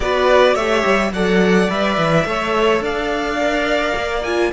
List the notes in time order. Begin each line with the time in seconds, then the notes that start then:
0.00 B3 F#4 B4 D5
0.54 A3 G4 C#5 E5
0.85 G3
1.11 F#3 A4 D5 F#5
1.69 G3 B4 E5
1.97 E3
2.25 A3 A4 C#5
2.80 D4 D5 F5
3.40 A#4
3.95 A#3
4.23 F4 G#5